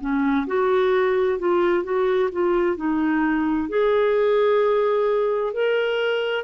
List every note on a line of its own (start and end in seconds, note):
0.00 0.46 C#4
0.47 1.38 F#4
1.38 1.83 F4
1.83 2.30 F#4
2.32 2.77 F4
2.77 3.69 D#4
3.69 5.53 G#4
5.53 6.44 A#4